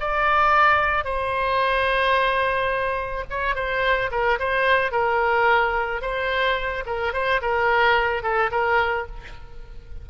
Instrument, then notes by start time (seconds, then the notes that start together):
oboe
0.00 D5
1.05 C5
3.30 C#5
3.56 C5
4.11 A#4
4.39 C5
4.92 A#4
6.02 C5
6.86 A#4
7.13 C5
7.42 A#4
8.23 A4
8.51 A#4